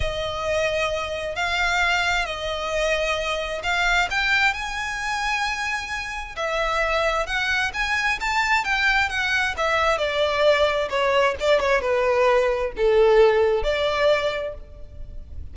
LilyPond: \new Staff \with { instrumentName = "violin" } { \time 4/4 \tempo 4 = 132 dis''2. f''4~ | f''4 dis''2. | f''4 g''4 gis''2~ | gis''2 e''2 |
fis''4 gis''4 a''4 g''4 | fis''4 e''4 d''2 | cis''4 d''8 cis''8 b'2 | a'2 d''2 | }